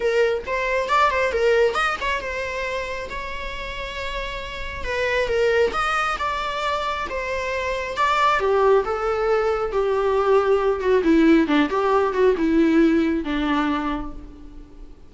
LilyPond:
\new Staff \with { instrumentName = "viola" } { \time 4/4 \tempo 4 = 136 ais'4 c''4 d''8 c''8 ais'4 | dis''8 cis''8 c''2 cis''4~ | cis''2. b'4 | ais'4 dis''4 d''2 |
c''2 d''4 g'4 | a'2 g'2~ | g'8 fis'8 e'4 d'8 g'4 fis'8 | e'2 d'2 | }